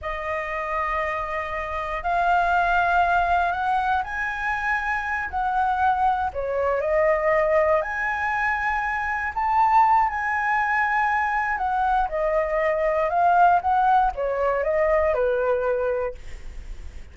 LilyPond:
\new Staff \with { instrumentName = "flute" } { \time 4/4 \tempo 4 = 119 dis''1 | f''2. fis''4 | gis''2~ gis''8 fis''4.~ | fis''8 cis''4 dis''2 gis''8~ |
gis''2~ gis''8 a''4. | gis''2. fis''4 | dis''2 f''4 fis''4 | cis''4 dis''4 b'2 | }